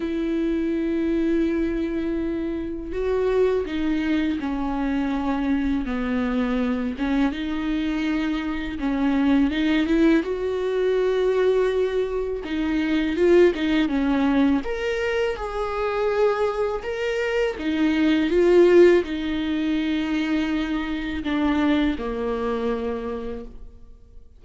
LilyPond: \new Staff \with { instrumentName = "viola" } { \time 4/4 \tempo 4 = 82 e'1 | fis'4 dis'4 cis'2 | b4. cis'8 dis'2 | cis'4 dis'8 e'8 fis'2~ |
fis'4 dis'4 f'8 dis'8 cis'4 | ais'4 gis'2 ais'4 | dis'4 f'4 dis'2~ | dis'4 d'4 ais2 | }